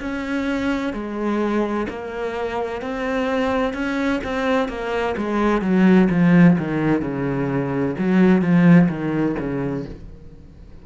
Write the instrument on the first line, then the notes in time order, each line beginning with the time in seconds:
cello
0.00 C#4
0.93 G#3
1.89 A#3
2.82 C4
3.73 C#4
4.24 C4
4.68 A#3
5.17 G#3
5.62 F#3
6.10 F3
6.58 D#3
7.01 C#3
7.99 F#3
8.42 F3
8.89 D#3
9.39 C#3